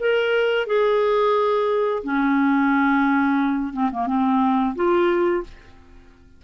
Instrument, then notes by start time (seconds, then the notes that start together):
clarinet
0.00 A#4
0.67 G#4
2.04 C#4
3.73 C4
3.92 A#3
4.07 C4
4.76 F4